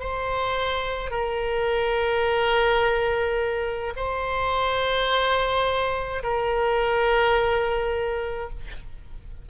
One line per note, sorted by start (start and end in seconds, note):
0.00 1.11 C5
1.11 3.94 A#4
3.96 6.23 C5
6.23 8.50 A#4